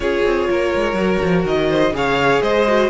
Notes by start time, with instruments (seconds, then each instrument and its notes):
0.00 cello C#4, viola F4, violin G#4 C#5
0.24 cello C4
0.49 cello A#3, violin A#4
0.74 cello G#3
0.93 cello F#3, viola F#4
1.22 cello F3
1.44 cello D#3, violin D#5
1.69 violin C5
1.91 cello C#3, viola G#4, violin C#5 F5
2.42 cello G#3, violin C5 D#5
2.67 viola F#4